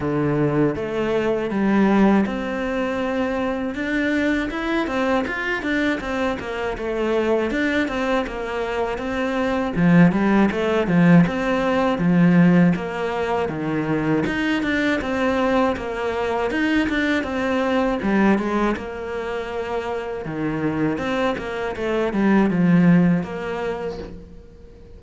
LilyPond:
\new Staff \with { instrumentName = "cello" } { \time 4/4 \tempo 4 = 80 d4 a4 g4 c'4~ | c'4 d'4 e'8 c'8 f'8 d'8 | c'8 ais8 a4 d'8 c'8 ais4 | c'4 f8 g8 a8 f8 c'4 |
f4 ais4 dis4 dis'8 d'8 | c'4 ais4 dis'8 d'8 c'4 | g8 gis8 ais2 dis4 | c'8 ais8 a8 g8 f4 ais4 | }